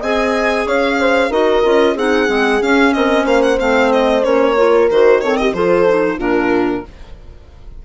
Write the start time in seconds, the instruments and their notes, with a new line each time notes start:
0.00 bassoon C4, clarinet G#4, horn D#5, violin G#5
0.66 bassoon C#4, horn C#5, violin F5
1.00 horn C5
1.30 bassoon D#4, clarinet F#4, horn A#4, violin D#5
1.63 bassoon C#4, clarinet F4
1.95 bassoon C4, clarinet D#4, horn G#4, violin F#5
2.27 bassoon G#3, clarinet C4
2.61 bassoon C#4, clarinet C#4, violin F5
2.93 bassoon C4, horn A#4, violin D#5
3.24 bassoon A#3, horn C5, violin F5
3.42 violin F#5
3.58 bassoon A3, clarinet C4, violin F5
3.92 violin D#5
4.22 bassoon A#3, clarinet C#4, violin C#5
4.57 clarinet F4, horn A#4
4.90 bassoon D#3, clarinet F#4, violin C5
5.21 clarinet C4, horn A4, violin C#5
5.37 horn G4, violin D#5
5.53 bassoon F3, clarinet F4, horn A4, violin C5
5.87 clarinet D#4
6.18 bassoon A#2, clarinet D4, horn F4, violin A#4